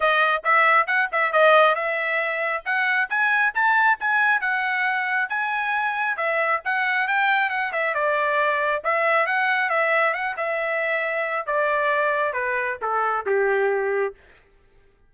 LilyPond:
\new Staff \with { instrumentName = "trumpet" } { \time 4/4 \tempo 4 = 136 dis''4 e''4 fis''8 e''8 dis''4 | e''2 fis''4 gis''4 | a''4 gis''4 fis''2 | gis''2 e''4 fis''4 |
g''4 fis''8 e''8 d''2 | e''4 fis''4 e''4 fis''8 e''8~ | e''2 d''2 | b'4 a'4 g'2 | }